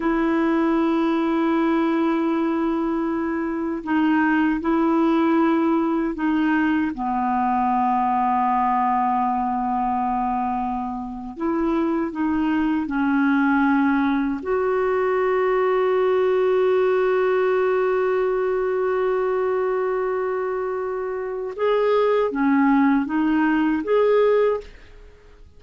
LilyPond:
\new Staff \with { instrumentName = "clarinet" } { \time 4/4 \tempo 4 = 78 e'1~ | e'4 dis'4 e'2 | dis'4 b2.~ | b2~ b8. e'4 dis'16~ |
dis'8. cis'2 fis'4~ fis'16~ | fis'1~ | fis'1 | gis'4 cis'4 dis'4 gis'4 | }